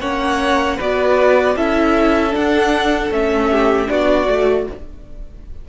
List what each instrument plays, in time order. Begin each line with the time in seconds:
0.00 cello A#3, viola C#4, violin C#5 F#5
0.77 cello B3, viola F#4, violin B4 D5
1.55 cello C#4, viola E4, violin A4 E5
2.30 viola D4, cello D4, violin F#5
3.10 cello A3, viola C#4, violin E5
3.50 violin G4
3.87 cello B3, viola D4, violin F#4 D5
4.27 cello A3, viola F#4